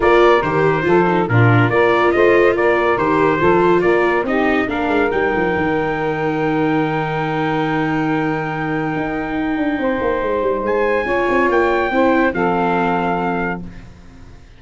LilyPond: <<
  \new Staff \with { instrumentName = "trumpet" } { \time 4/4 \tempo 4 = 141 d''4 c''2 ais'4 | d''4 dis''4 d''4 c''4~ | c''4 d''4 dis''4 f''4 | g''1~ |
g''1~ | g''1~ | g''4 gis''2 g''4~ | g''4 f''2. | }
  \new Staff \with { instrumentName = "saxophone" } { \time 4/4 ais'2 a'4 f'4 | ais'4 c''4 ais'2 | a'4 ais'4 g'4 ais'4~ | ais'1~ |
ais'1~ | ais'2. c''4~ | c''2 cis''2 | c''4 a'2. | }
  \new Staff \with { instrumentName = "viola" } { \time 4/4 f'4 g'4 f'8 dis'8 d'4 | f'2. g'4 | f'2 dis'4 d'4 | dis'1~ |
dis'1~ | dis'1~ | dis'2 f'2 | e'4 c'2. | }
  \new Staff \with { instrumentName = "tuba" } { \time 4/4 ais4 dis4 f4 ais,4 | ais4 a4 ais4 dis4 | f4 ais4 c'4 ais8 gis8 | g8 f8 dis2.~ |
dis1~ | dis4 dis'4. d'8 c'8 ais8 | gis8 g8 gis4 cis'8 c'8 ais4 | c'4 f2. | }
>>